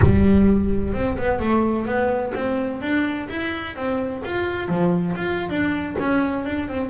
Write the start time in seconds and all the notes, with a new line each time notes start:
0.02 G3
0.93 C4
1.17 B3
1.39 A3
1.86 B3
2.35 C4
2.81 D4
3.29 E4
3.76 C4
4.24 F4
4.68 F3
5.15 F4
5.49 D4
5.99 C#4
6.45 D4
6.68 C4